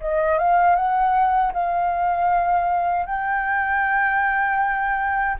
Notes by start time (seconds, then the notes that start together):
0.00 D#5
0.38 F5
0.75 F#5
1.53 F5
3.06 G5